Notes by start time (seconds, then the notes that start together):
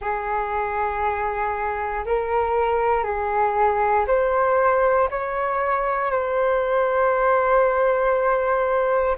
0.00 G#4
2.05 A#4
3.03 G#4
4.07 C5
5.10 C#5
6.11 C5